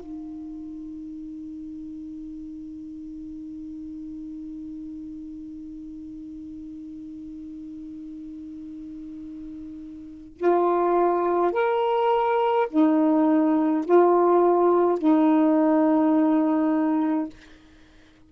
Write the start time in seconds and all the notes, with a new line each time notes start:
0.00 D#4
10.38 F4
11.53 A#4
12.70 D#4
13.86 F4
14.99 D#4